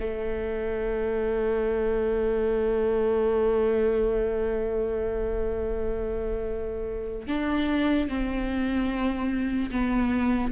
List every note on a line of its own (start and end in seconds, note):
0.00 7.28 A3
7.28 8.09 D4
8.09 9.71 C4
9.71 10.52 B3